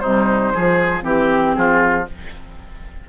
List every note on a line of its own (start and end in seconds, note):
0.00 0.54 C3
0.00 0.54 G3
0.00 0.53 D#4
0.00 1.03 C5
0.54 1.03 F3
0.54 1.04 F3
0.54 1.04 G#4
1.03 1.55 E3
1.03 2.05 C4
1.03 1.55 G4
1.55 2.08 F3
1.55 2.09 F4
1.55 2.06 G#4